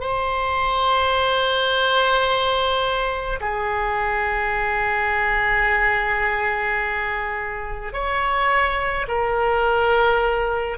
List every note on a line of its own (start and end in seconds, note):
0.00 3.40 C5
3.40 7.93 G#4
7.93 9.06 C#5
9.08 10.78 A#4